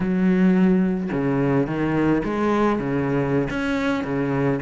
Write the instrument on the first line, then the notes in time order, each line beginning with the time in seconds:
cello
0.00 F#3
1.12 C#3
1.66 D#3
2.24 G#3
2.79 C#3
3.50 C#4
4.04 C#3